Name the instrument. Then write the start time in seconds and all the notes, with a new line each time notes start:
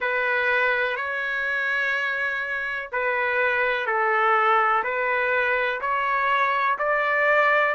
trumpet
0.00 B4
0.96 C#5
2.92 B4
3.86 A4
4.83 B4
5.81 C#5
6.78 D5